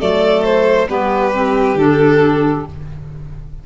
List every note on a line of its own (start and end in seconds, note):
0.00 0.90 F#3
0.00 0.88 A3
0.00 0.89 A4
0.00 0.44 D5
0.44 0.89 C5
0.89 1.75 G3
0.89 1.33 B3
0.89 2.67 G4
0.89 1.78 B4
1.33 1.77 C4
1.75 2.63 D3
1.75 2.67 D4
1.75 2.67 A4